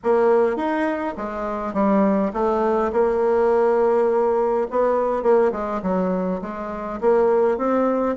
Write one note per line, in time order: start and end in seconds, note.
0.03 0.56 A#3
0.56 1.14 D#4
1.17 1.73 G#3
1.73 2.31 G3
2.33 2.91 A3
2.92 4.67 A#3
4.70 5.22 B3
5.22 5.51 A#3
5.52 5.81 G#3
5.82 6.40 F#3
6.41 7.00 G#3
7.00 7.57 A#3
7.57 8.16 C4